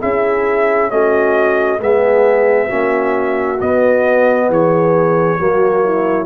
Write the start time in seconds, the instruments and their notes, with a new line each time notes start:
0.00 tuba C#4, trombone E4, horn G#4, trumpet E5
0.89 tuba A3, trombone C#4, horn F#4, trumpet D#5
1.80 tuba G#3, trombone B3, horn G#4, trumpet E5
2.67 tuba A#3, trombone C#4, horn F#4
3.60 tuba B3, trombone B3, trumpet D#5
4.49 tuba E3, horn G#4, trumpet C#5
5.37 tuba F#3, trombone A#3, horn F#4
5.84 horn E4